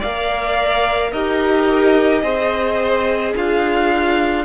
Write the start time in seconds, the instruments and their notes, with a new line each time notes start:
0.00 cello A#3, viola A#4, violin D5 F5
1.12 cello D#4, viola G4, violin A#4 D#5
2.23 cello C4, viola G#4, violin C5
3.36 cello D4, violin F4 F5